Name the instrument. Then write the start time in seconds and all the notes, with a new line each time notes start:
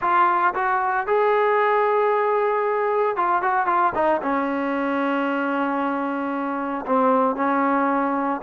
trombone
0.01 F4
0.54 F#4
1.06 G#4
3.16 F4
3.41 F#4
3.66 F4
3.94 D#4
4.22 C#4
6.85 C4
7.35 C#4